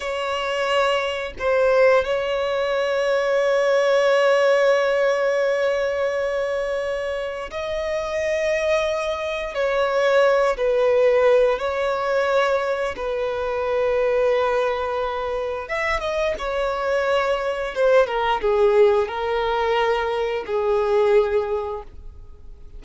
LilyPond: \new Staff \with { instrumentName = "violin" } { \time 4/4 \tempo 4 = 88 cis''2 c''4 cis''4~ | cis''1~ | cis''2. dis''4~ | dis''2 cis''4. b'8~ |
b'4 cis''2 b'4~ | b'2. e''8 dis''8 | cis''2 c''8 ais'8 gis'4 | ais'2 gis'2 | }